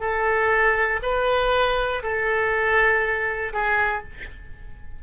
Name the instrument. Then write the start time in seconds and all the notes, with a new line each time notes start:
oboe
0.00 A4
1.02 B4
2.02 A4
3.53 G#4